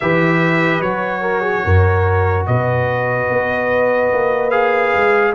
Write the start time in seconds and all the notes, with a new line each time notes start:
0.00 E3 G4 B4 E5
0.80 F#3 F#4 C#5
1.21 A#4
1.40 G#4
1.64 F#2 A#4
2.46 B2 B4 D#5
3.29 B3
4.12 A#3
4.50 G#4 F5
4.94 G#3